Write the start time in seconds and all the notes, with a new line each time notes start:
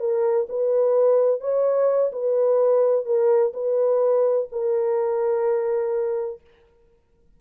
0.00 A#4
0.49 B4
1.41 C#5
2.12 B4
3.06 A#4
3.54 B4
4.52 A#4